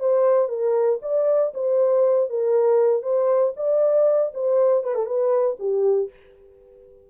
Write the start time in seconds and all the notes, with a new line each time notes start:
0.00 C5
0.49 A#4
1.02 D5
1.54 C5
2.30 A#4
3.03 C5
3.57 D5
4.35 C5
4.84 B4
4.95 A4
5.07 B4
5.60 G4